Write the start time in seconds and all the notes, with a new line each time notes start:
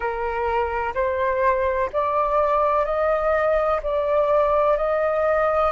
0.00 A#4
0.94 C5
1.93 D5
2.85 D#5
3.82 D5
4.77 D#5